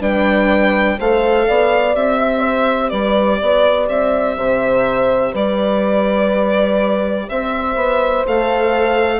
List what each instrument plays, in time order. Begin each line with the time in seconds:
0.00 bassoon G3, viola D4, horn B4, violin G5
0.98 bassoon A3, viola A4, horn C5, violin F5
1.48 bassoon B3, horn D5
1.92 bassoon C4, viola G4, violin E5
2.19 horn E5
2.40 horn C5
2.90 bassoon G3, horn B4, violin D5
3.42 bassoon B3, horn D5
3.89 bassoon C4, violin E5
4.37 bassoon C3, horn C5
5.32 bassoon G3, horn B4, violin D5
7.28 bassoon C4, horn C5, violin E5
7.75 bassoon B3
8.27 bassoon A3, viola A4, violin F5